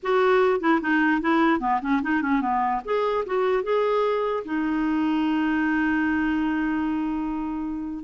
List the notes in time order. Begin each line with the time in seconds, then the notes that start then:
0.02 F#4
0.60 E4
0.81 D#4
1.21 E4
1.60 B3
1.81 C#4
2.02 D#4
2.21 C#4
2.41 B3
2.84 G#4
3.26 F#4
3.63 G#4
4.44 D#4